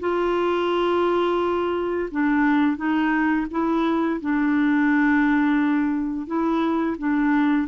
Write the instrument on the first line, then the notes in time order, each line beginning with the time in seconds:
clarinet
0.00 F4
2.11 D4
2.77 D#4
3.51 E4
4.21 D4
6.27 E4
6.98 D4